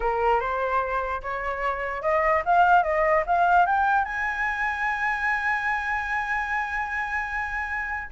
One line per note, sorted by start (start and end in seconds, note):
0.00 0.40 A#4
0.40 1.21 C5
1.22 2.02 C#5
2.02 2.42 D#5
2.45 2.83 F5
2.83 3.23 D#5
3.26 3.66 F5
3.66 4.04 G5
4.04 8.10 G#5